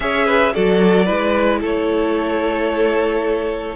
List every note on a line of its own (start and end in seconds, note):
0.00 0.54 C#4
0.00 0.53 G#4
0.00 0.26 C#5
0.00 0.54 E5
0.26 0.53 B4
0.54 1.09 F#3
0.54 1.06 F#4
0.54 1.05 A4
0.54 1.62 D5
1.05 1.62 G#3
1.05 3.75 E4
1.05 1.59 B4
1.61 3.75 A3
1.61 3.75 A4
1.61 3.75 C#5